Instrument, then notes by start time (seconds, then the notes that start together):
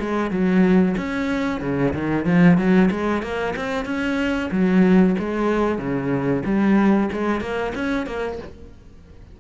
cello
0.00 G#3
0.31 F#3
0.97 C#4
1.61 C#3
1.94 D#3
2.25 F3
2.57 F#3
2.91 G#3
3.22 A#3
3.56 C4
3.85 C#4
4.51 F#3
5.19 G#3
5.79 C#3
6.45 G3
7.13 G#3
7.41 A#3
7.75 C#4
8.06 A#3